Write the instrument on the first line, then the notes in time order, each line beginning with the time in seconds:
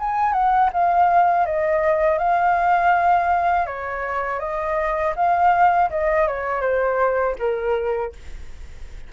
flute
0.00 G#5
0.33 F#5
0.73 F5
1.46 D#5
2.19 F5
3.67 C#5
4.40 D#5
5.16 F5
5.91 D#5
6.28 C#5
6.62 C5
7.39 A#4